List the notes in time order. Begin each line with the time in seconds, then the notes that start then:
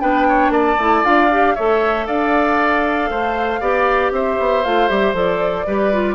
0.00 B3 D4 B4 G5
0.28 C#5
0.50 A#3 D5 A5
0.78 A3 E4
1.04 D4 F4 F5
1.32 G4
1.55 A3 A4 C#5 E5
2.07 D4 D5 F5
3.10 A3 C5
3.61 B3 G4 D5
4.12 C4 C5 E5
4.40 B3
4.65 A3 F4 F5
4.89 G3 G4 E5
5.14 F3 A4 D5
5.67 G3 G4 B4
5.93 F4